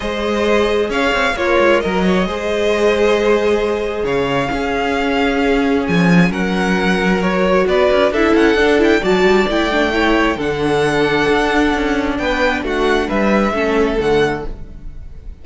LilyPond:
<<
  \new Staff \with { instrumentName = "violin" } { \time 4/4 \tempo 4 = 133 dis''2 f''4 cis''4 | dis''1~ | dis''4 f''2.~ | f''4 gis''4 fis''2 |
cis''4 d''4 e''8 fis''4 g''8 | a''4 g''2 fis''4~ | fis''2. g''4 | fis''4 e''2 fis''4 | }
  \new Staff \with { instrumentName = "violin" } { \time 4/4 c''2 cis''4 f'4 | ais'8 cis''8 c''2.~ | c''4 cis''4 gis'2~ | gis'2 ais'2~ |
ais'4 b'4 a'2 | d''2 cis''4 a'4~ | a'2. b'4 | fis'4 b'4 a'2 | }
  \new Staff \with { instrumentName = "viola" } { \time 4/4 gis'2. ais'4~ | ais'4 gis'2.~ | gis'2 cis'2~ | cis'1 |
fis'2 e'4 d'8 e'8 | fis'4 e'8 d'8 e'4 d'4~ | d'1~ | d'2 cis'4 a4 | }
  \new Staff \with { instrumentName = "cello" } { \time 4/4 gis2 cis'8 c'8 ais8 gis8 | fis4 gis2.~ | gis4 cis4 cis'2~ | cis'4 f4 fis2~ |
fis4 b8 cis'8 d'8 cis'8 d'4 | fis8 g8 a2 d4~ | d4 d'4 cis'4 b4 | a4 g4 a4 d4 | }
>>